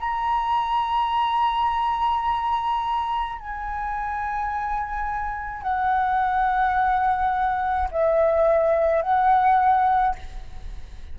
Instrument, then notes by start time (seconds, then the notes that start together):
flute
0.00 A#5
3.39 G#5
5.62 F#5
7.91 E5
9.03 F#5